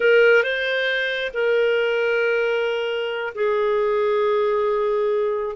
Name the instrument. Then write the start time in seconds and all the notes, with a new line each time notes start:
clarinet
0.00 A#4
0.43 C5
1.33 A#4
3.34 G#4